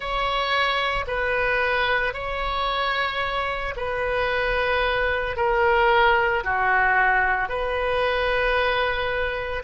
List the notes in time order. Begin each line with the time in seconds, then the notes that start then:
0.00 C#5
1.07 B4
2.13 C#5
3.76 B4
5.36 A#4
6.43 F#4
7.48 B4